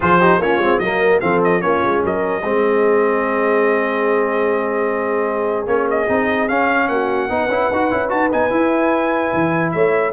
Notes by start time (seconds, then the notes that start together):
0.00 F3 F4 G#4 C5
0.19 D#4 G4
0.38 A#3 C#4 F4 C#5
0.58 G#3 C4
0.78 F#3 A#3 A#4 D#5
1.20 F3 C4 A4 F5
1.43 D#5
1.60 A#3 C#4 F4 C#5
1.84 G#3
2.04 F#3 A#4 D#5
2.42 G#3 C4 G#4
5.66 A#3 C#4 C#5
5.90 D#5
6.07 C4 D#4
6.48 C#4 F5
6.87 A#3 F#4 F#5
7.29 B3 D#4 B4
7.48 C#4 E4
7.71 D#4 F#4
7.90 C#4 E4
8.09 D#4 F#4 A5
8.31 B3 D#4 G#5
8.50 E4
9.33 E3
9.71 A3 C#5 E5